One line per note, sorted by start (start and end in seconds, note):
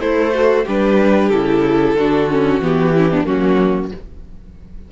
0.00 0.65 A3
0.00 0.33 E4
0.00 0.67 A4
0.00 0.66 C5
0.34 0.66 F#4
0.66 1.31 G3
0.66 1.33 D4
0.66 1.96 G4
0.66 1.30 B4
1.30 1.95 C#3
1.30 1.98 E4
1.30 2.60 A4
1.95 2.60 D3
1.95 2.31 D4
1.95 2.95 F#4
2.31 2.62 C#4
2.60 3.26 E3
2.60 2.95 B3
2.60 3.26 G4
2.95 3.12 C#4
2.95 3.11 E4
3.11 3.24 B3
3.11 3.27 D4
3.24 3.92 F#3
3.24 3.89 A#3
3.24 3.92 C#4
3.24 3.91 F#4